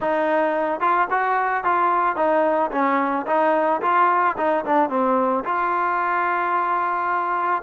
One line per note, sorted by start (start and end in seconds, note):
0.00 0.80 D#4
0.80 1.07 F4
1.10 1.64 F#4
1.64 2.16 F4
2.16 2.70 D#4
2.71 3.26 C#4
3.26 3.81 D#4
3.81 4.36 F4
4.37 4.64 D#4
4.65 4.89 D4
4.89 5.44 C4
5.44 7.62 F4